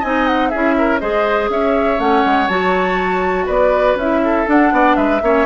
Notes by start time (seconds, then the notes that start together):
0.00 C4 D#4 D#5 G#5
0.27 F#5
0.50 C#4 E4 G#4 E5
0.78 A#4
1.00 G#3 G#4 C5 D#5
1.50 C#4 C#5 E5
1.99 A3 C#4 F#5
2.26 G#3
2.48 F#3 F#4 A5
3.46 B3 B4 D5
3.95 C#4 E4 E5
4.25 A4
4.47 D4 F#5
4.72 B3 D5
4.96 G#3 B4 E5
5.22 A#3 C#4 C#5